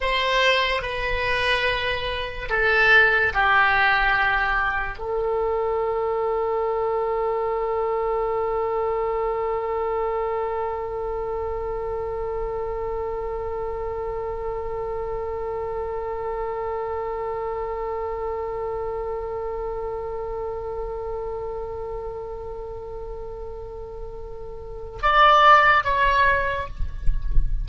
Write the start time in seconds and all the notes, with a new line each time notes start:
0.00 C5
0.82 B4
2.49 A4
3.33 G4
4.98 A4
25.02 D5
25.84 C#5